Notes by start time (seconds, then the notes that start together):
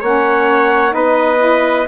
0.00 A#3 C#4 C#5 F#5
0.91 B3 D#4 B4 D#5
1.38 E4